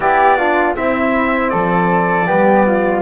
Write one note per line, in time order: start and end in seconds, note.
0.00 0.76 B3
0.00 0.37 E4
0.00 0.37 G4
0.00 0.75 D5
0.37 0.75 D4
0.37 0.75 F4
0.75 2.26 C4
0.75 1.53 C4
0.75 1.51 E4
0.75 1.49 E5
1.49 2.28 F3
1.49 2.26 A4
1.49 3.01 D5
2.26 3.02 G3
2.26 3.02 B3
2.26 2.64 G4
2.66 3.02 F4